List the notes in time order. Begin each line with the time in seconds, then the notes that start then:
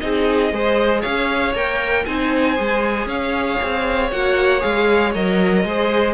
0.00 C4 D#4 G#4 D#5
0.52 G#3 G#4 C5
1.01 C#4 C#5 F5
1.54 A#3 A#4 G5
2.05 C4 D#4 C5 G#5
2.56 G#3 G#4
3.06 C#4 C#5 F5
3.63 C4
4.12 A#3 F#4 F#5
4.60 G#3 G#4 F5
5.14 F#3 A#4 D#5
5.65 G#3 G#4 C5